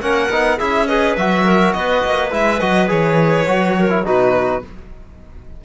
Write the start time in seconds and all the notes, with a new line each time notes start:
0.00 A#3 C#4 A#4 F#5
0.29 B3 D#4
0.58 C#4 E4 G#4 E5
0.87 G#4 B4 D#5
1.16 F#3 F#4 E5
1.44 A#4
1.73 B3 B4 D#5
2.04 A#3
2.30 G#3 E4 E5
2.59 F#3 F#4 D#5
2.87 E3 G#4 C#5
3.47 F#3 F#4
3.79 A#4
3.89 E4
4.04 B2 D#4 F#4 B4